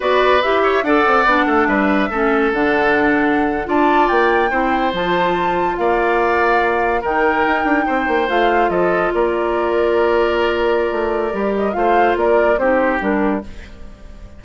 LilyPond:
<<
  \new Staff \with { instrumentName = "flute" } { \time 4/4 \tempo 4 = 143 d''4 e''4 fis''2 | e''2 fis''2~ | fis''8. a''4 g''2 a''16~ | a''4.~ a''16 f''2~ f''16~ |
f''8. g''2. f''16~ | f''8. dis''4 d''2~ d''16~ | d''2.~ d''8 dis''8 | f''4 d''4 c''4 ais'4 | }
  \new Staff \with { instrumentName = "oboe" } { \time 4/4 b'4. cis''8 d''4. a'8 | b'4 a'2.~ | a'8. d''2 c''4~ c''16~ | c''4.~ c''16 d''2~ d''16~ |
d''8. ais'2 c''4~ c''16~ | c''8. a'4 ais'2~ ais'16~ | ais'1 | c''4 ais'4 g'2 | }
  \new Staff \with { instrumentName = "clarinet" } { \time 4/4 fis'4 g'4 a'4 d'4~ | d'4 cis'4 d'2~ | d'8. f'2 e'4 f'16~ | f'1~ |
f'8. dis'2. f'16~ | f'1~ | f'2. g'4 | f'2 dis'4 d'4 | }
  \new Staff \with { instrumentName = "bassoon" } { \time 4/4 b4 e'4 d'8 c'8 b8 a8 | g4 a4 d2~ | d8. d'4 ais4 c'4 f16~ | f4.~ f16 ais2~ ais16~ |
ais8. dis4 dis'8 d'8 c'8 ais8 a16~ | a8. f4 ais2~ ais16~ | ais2 a4 g4 | a4 ais4 c'4 g4 | }
>>